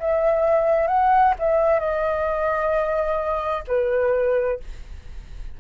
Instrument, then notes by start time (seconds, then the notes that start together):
flute
0.00 E5
0.88 F#5
1.39 E5
1.80 D#5
3.68 B4